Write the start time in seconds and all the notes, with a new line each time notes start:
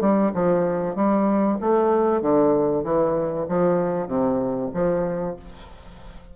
0.00 G3
0.33 F3
0.95 G3
1.60 A3
2.21 D3
2.83 E3
3.48 F3
4.07 C3
4.73 F3